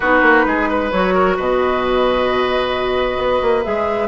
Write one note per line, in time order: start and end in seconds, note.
0.00 0.22 B3
0.00 0.92 D#4
0.00 0.45 F#4
0.00 0.90 B4
0.22 0.44 A#3
0.46 0.91 G#3
0.46 0.69 G#4
0.69 1.14 B4
0.90 1.37 F#3
0.90 3.64 F#4
0.90 1.36 C#5
1.14 1.36 A#4
1.36 3.17 B2
1.36 4.08 B4
1.36 3.63 D#5
3.17 3.39 B3
3.42 3.64 A#3
3.63 4.08 G#3
3.63 4.08 G#4
3.63 4.08 E5